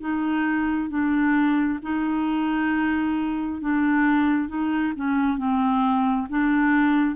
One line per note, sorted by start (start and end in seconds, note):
0.00 0.89 D#4
0.89 1.79 D4
1.82 3.61 D#4
3.61 4.48 D4
4.48 4.93 D#4
4.96 5.37 C#4
5.37 6.27 C4
6.29 7.15 D4